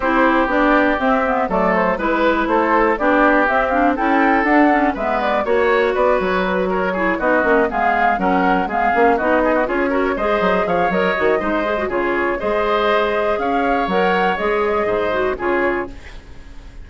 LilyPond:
<<
  \new Staff \with { instrumentName = "flute" } { \time 4/4 \tempo 4 = 121 c''4 d''4 e''4 d''8 c''8 | b'4 c''4 d''4 e''8 f''8 | g''4 fis''4 e''8 d''8 cis''4 | d''8 cis''8 b'8 cis''4 dis''4 f''8~ |
f''8 fis''4 f''4 dis''4 cis''8~ | cis''8 dis''4 f''8 dis''2 | cis''4 dis''2 f''4 | fis''4 dis''2 cis''4 | }
  \new Staff \with { instrumentName = "oboe" } { \time 4/4 g'2. a'4 | b'4 a'4 g'2 | a'2 b'4 cis''4 | b'4. ais'8 gis'8 fis'4 gis'8~ |
gis'8 ais'4 gis'4 fis'8 gis'16 fis'16 gis'8 | ais'8 c''4 cis''4. c''4 | gis'4 c''2 cis''4~ | cis''2 c''4 gis'4 | }
  \new Staff \with { instrumentName = "clarinet" } { \time 4/4 e'4 d'4 c'8 b8 a4 | e'2 d'4 c'8 d'8 | e'4 d'8 cis'8 b4 fis'4~ | fis'2 e'8 dis'8 cis'8 b8~ |
b8 cis'4 b8 cis'8 dis'4 f'8 | fis'8 gis'4. ais'8 fis'8 dis'8 gis'16 fis'16 | f'4 gis'2. | ais'4 gis'4. fis'8 f'4 | }
  \new Staff \with { instrumentName = "bassoon" } { \time 4/4 c'4 b4 c'4 fis4 | gis4 a4 b4 c'4 | cis'4 d'4 gis4 ais4 | b8 fis2 b8 ais8 gis8~ |
gis8 fis4 gis8 ais8 b4 cis'8~ | cis'8 gis8 fis8 f8 fis8 dis8 gis4 | cis4 gis2 cis'4 | fis4 gis4 gis,4 cis4 | }
>>